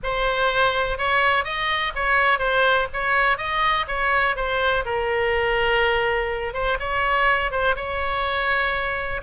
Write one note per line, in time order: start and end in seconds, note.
0.03 0.97 C5
0.97 1.44 C#5
1.44 1.92 D#5
1.95 2.38 C#5
2.38 2.87 C5
2.93 3.37 C#5
3.37 3.86 D#5
3.87 4.35 C#5
4.36 4.84 C5
4.85 6.53 A#4
6.53 6.77 C5
6.79 7.51 C#5
7.51 7.75 C5
7.76 9.21 C#5